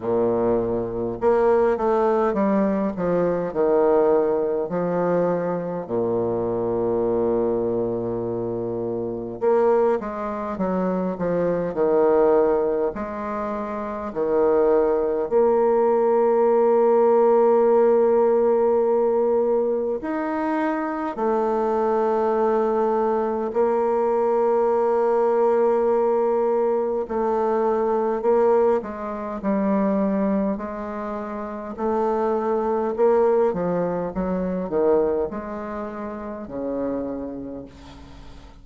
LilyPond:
\new Staff \with { instrumentName = "bassoon" } { \time 4/4 \tempo 4 = 51 ais,4 ais8 a8 g8 f8 dis4 | f4 ais,2. | ais8 gis8 fis8 f8 dis4 gis4 | dis4 ais2.~ |
ais4 dis'4 a2 | ais2. a4 | ais8 gis8 g4 gis4 a4 | ais8 f8 fis8 dis8 gis4 cis4 | }